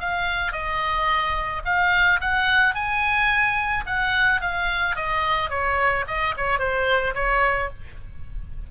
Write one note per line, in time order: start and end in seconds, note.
0.00 0.52 F5
0.52 1.62 D#5
1.65 2.20 F5
2.21 2.75 F#5
2.75 3.85 G#5
3.87 4.41 F#5
4.41 4.96 F5
4.96 5.50 D#5
5.50 6.05 C#5
6.08 6.35 D#5
6.37 6.59 C#5
6.59 7.14 C5
7.15 7.70 C#5